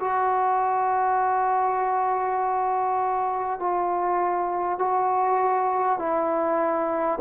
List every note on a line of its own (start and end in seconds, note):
0.00 3.59 F#4
3.59 4.79 F4
4.79 5.98 F#4
5.98 7.18 E4